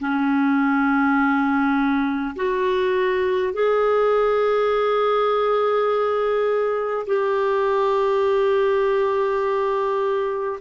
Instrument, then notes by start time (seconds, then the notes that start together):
clarinet
0.00 C#4
2.36 F#4
3.53 G#4
7.06 G4